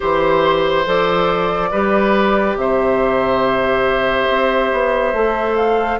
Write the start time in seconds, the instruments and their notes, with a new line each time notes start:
0.00 bassoon E3, clarinet G4, oboe C5, flute C5
0.85 bassoon F3, clarinet A4, flute D5
1.71 bassoon G3, clarinet G4, oboe B4
2.56 bassoon C3, oboe C5, flute E5
4.28 bassoon C4
4.71 bassoon B3
5.13 bassoon A3, clarinet A4
5.56 flute F5